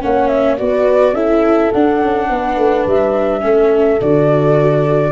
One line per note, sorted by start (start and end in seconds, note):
0.00 0.60 A#3
0.00 0.57 C#4
0.00 0.59 C#5
0.00 0.27 F#5
0.27 0.56 E5
0.57 1.13 B3
0.57 1.15 F#4
0.57 1.14 B4
0.57 1.14 D5
1.13 1.70 C#4
1.13 1.72 E4
1.13 2.28 A4
1.13 1.71 E5
1.72 2.02 D4
1.72 3.41 D4
1.72 2.86 F#5
2.02 2.29 C#4
2.29 2.57 B3
2.29 3.43 B4
2.57 2.86 A3
2.86 3.43 G3
2.86 4.01 E5
3.41 4.01 A3
3.41 3.98 C#4
3.41 5.12 A4
4.01 5.12 D3
4.01 5.12 F#4
4.01 5.12 D5